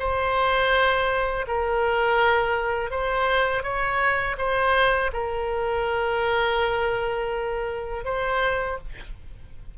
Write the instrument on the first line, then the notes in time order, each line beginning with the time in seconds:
oboe
0.00 C5
1.48 A#4
2.91 C5
3.64 C#5
4.38 C5
5.14 A#4
8.05 C5